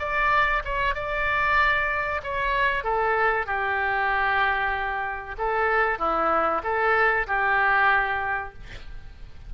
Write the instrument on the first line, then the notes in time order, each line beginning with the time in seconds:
oboe
0.00 D5
0.65 C#5
0.95 D5
2.24 C#5
2.84 A4
3.47 G4
5.39 A4
5.99 E4
6.64 A4
7.27 G4